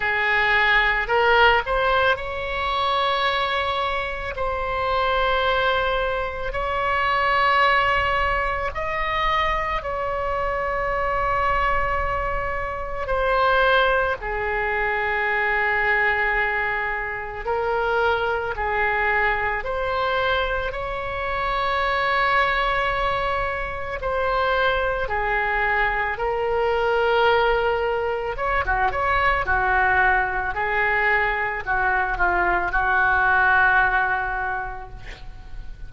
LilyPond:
\new Staff \with { instrumentName = "oboe" } { \time 4/4 \tempo 4 = 55 gis'4 ais'8 c''8 cis''2 | c''2 cis''2 | dis''4 cis''2. | c''4 gis'2. |
ais'4 gis'4 c''4 cis''4~ | cis''2 c''4 gis'4 | ais'2 cis''16 fis'16 cis''8 fis'4 | gis'4 fis'8 f'8 fis'2 | }